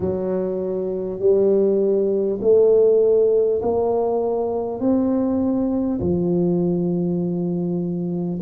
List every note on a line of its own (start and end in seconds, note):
0.00 1.19 F#3
1.19 2.39 G3
2.41 3.61 A3
3.62 4.80 A#3
4.80 6.00 C4
6.00 8.40 F3